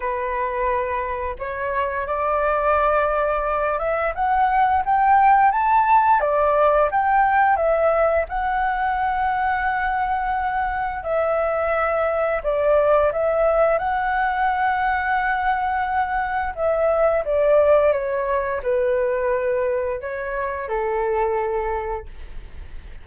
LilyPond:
\new Staff \with { instrumentName = "flute" } { \time 4/4 \tempo 4 = 87 b'2 cis''4 d''4~ | d''4. e''8 fis''4 g''4 | a''4 d''4 g''4 e''4 | fis''1 |
e''2 d''4 e''4 | fis''1 | e''4 d''4 cis''4 b'4~ | b'4 cis''4 a'2 | }